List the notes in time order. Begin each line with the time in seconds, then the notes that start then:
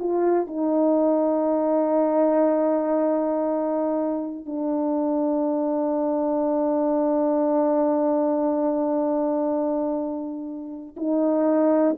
0.00 F4
0.48 D#4
4.46 D4
10.97 D#4